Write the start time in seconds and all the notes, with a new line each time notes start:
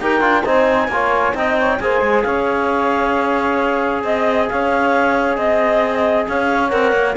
0.00 D#4 G4 A#4 G5
0.21 D4 F4
0.44 C4 D#4 C5 G#5
0.88 A#3 F4 C#5
1.35 C4 D#4 D#5 G5
1.58 C#5
1.80 A#3 G#4 C5 G#5
2.01 G#3
2.23 C#4 C#5 F5
4.04 C4 D#5
4.49 C#4 C#5 F5
5.36 C4 D#5
6.28 C#4 C#5 F5
6.70 C4 A#4 F#5
6.93 A#3